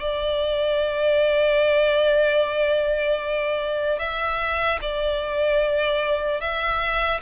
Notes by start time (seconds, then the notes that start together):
0.00 D5
3.99 E5
4.81 D5
6.40 E5